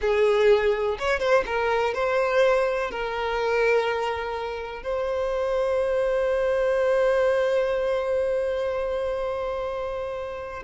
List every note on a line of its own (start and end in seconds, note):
0.01 0.98 G#4
0.99 1.19 C#5
1.19 1.44 C5
1.45 1.94 A#4
1.94 2.90 C5
2.90 4.82 A#4
4.82 10.63 C5